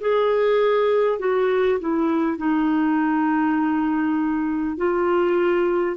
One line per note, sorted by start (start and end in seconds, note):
0.00 1.19 G#4
1.19 1.79 F#4
1.79 2.37 E4
2.37 4.77 D#4
4.77 5.97 F4